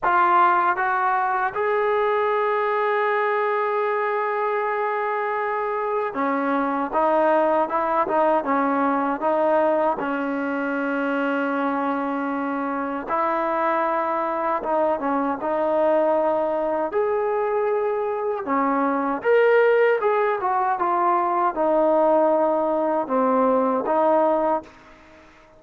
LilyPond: \new Staff \with { instrumentName = "trombone" } { \time 4/4 \tempo 4 = 78 f'4 fis'4 gis'2~ | gis'1 | cis'4 dis'4 e'8 dis'8 cis'4 | dis'4 cis'2.~ |
cis'4 e'2 dis'8 cis'8 | dis'2 gis'2 | cis'4 ais'4 gis'8 fis'8 f'4 | dis'2 c'4 dis'4 | }